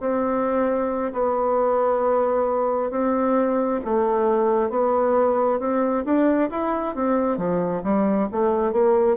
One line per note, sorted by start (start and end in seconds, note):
0.00 1.12 C4
1.12 2.91 B3
2.91 3.80 C4
3.84 4.69 A3
4.69 5.59 B3
5.59 6.04 C4
6.05 6.50 D4
6.50 6.94 E4
6.95 7.37 C4
7.37 7.82 F3
7.83 8.28 G3
8.32 8.72 A3
8.72 9.17 A#3